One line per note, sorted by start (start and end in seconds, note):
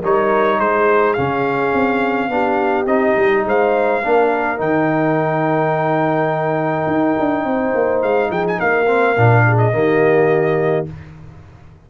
0.00 0.59 G3
0.00 1.17 D#4
0.00 0.57 A#4
0.00 0.60 C#5
0.58 1.16 G#3
0.58 2.30 G#4
0.58 1.14 C5
1.14 1.74 C#3
1.14 2.30 C#4
1.14 2.85 F5
1.74 2.29 C4
2.29 2.86 B3
2.29 2.87 D4
2.29 3.47 G4
2.86 3.15 C4
2.86 4.03 D#4
2.86 3.44 D#5
3.17 3.45 G3
3.45 4.02 G#3
3.45 4.02 C5
3.45 4.61 F5
4.02 4.60 A#3
4.02 4.57 D4
4.02 7.45 A#4
4.57 6.87 D#3
4.57 8.86 D#4
4.57 8.02 G5
6.87 7.15 D#4
7.20 7.45 D4
7.45 7.74 C4
7.45 8.30 C5
7.75 8.03 A#3
8.02 8.30 G#3
8.02 8.31 F5
8.30 8.59 F3
8.30 8.58 G#4
8.30 8.46 G5
8.47 8.60 G#5
8.59 9.17 A#3
8.59 9.44 A#4
8.59 9.58 F5
8.87 9.16 C4
9.16 9.74 A#2
9.16 9.73 D4
9.47 9.75 G#4
9.58 10.87 D#5
9.73 10.88 D#3
9.73 10.87 A#3
9.73 10.90 G4